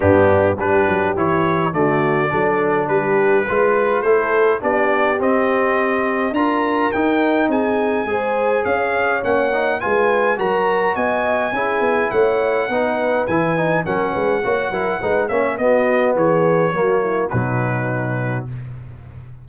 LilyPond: <<
  \new Staff \with { instrumentName = "trumpet" } { \time 4/4 \tempo 4 = 104 g'4 b'4 cis''4 d''4~ | d''4 b'2 c''4 | d''4 dis''2 ais''4 | g''4 gis''2 f''4 |
fis''4 gis''4 ais''4 gis''4~ | gis''4 fis''2 gis''4 | fis''2~ fis''8 e''8 dis''4 | cis''2 b'2 | }
  \new Staff \with { instrumentName = "horn" } { \time 4/4 d'4 g'2 fis'4 | a'4 g'4 b'4 a'4 | g'2. ais'4~ | ais'4 gis'4 c''4 cis''4~ |
cis''4 b'4 ais'4 dis''4 | gis'4 cis''4 b'2 | ais'8 b'8 cis''8 ais'8 b'8 cis''8 fis'4 | gis'4 fis'8 e'8 dis'2 | }
  \new Staff \with { instrumentName = "trombone" } { \time 4/4 b4 d'4 e'4 a4 | d'2 f'4 e'4 | d'4 c'2 f'4 | dis'2 gis'2 |
cis'8 dis'8 f'4 fis'2 | e'2 dis'4 e'8 dis'8 | cis'4 fis'8 e'8 dis'8 cis'8 b4~ | b4 ais4 fis2 | }
  \new Staff \with { instrumentName = "tuba" } { \time 4/4 g,4 g8 fis8 e4 d4 | fis4 g4 gis4 a4 | b4 c'2 d'4 | dis'4 c'4 gis4 cis'4 |
ais4 gis4 fis4 b4 | cis'8 b8 a4 b4 e4 | fis8 gis8 ais8 fis8 gis8 ais8 b4 | e4 fis4 b,2 | }
>>